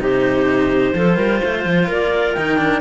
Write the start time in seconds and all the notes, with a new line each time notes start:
0.00 C3 D#4 G4 C5
0.94 F3 F4 A4
1.17 G3 A#4
1.41 A3 C5
1.65 F3
1.88 A#3 A#4 D5
2.34 D#3 D#4 G5
2.58 D4